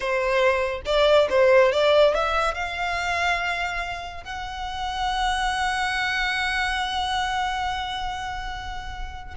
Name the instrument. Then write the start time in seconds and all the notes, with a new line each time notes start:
violin
0.00 C5
0.85 D5
1.29 C5
1.72 D5
2.14 E5
2.54 F5
4.24 F#5